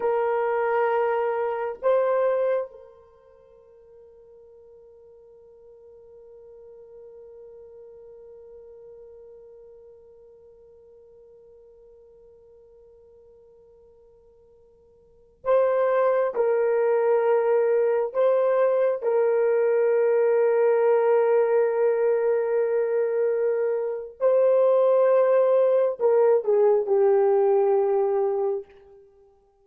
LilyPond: \new Staff \with { instrumentName = "horn" } { \time 4/4 \tempo 4 = 67 ais'2 c''4 ais'4~ | ais'1~ | ais'1~ | ais'1~ |
ais'4~ ais'16 c''4 ais'4.~ ais'16~ | ais'16 c''4 ais'2~ ais'8.~ | ais'2. c''4~ | c''4 ais'8 gis'8 g'2 | }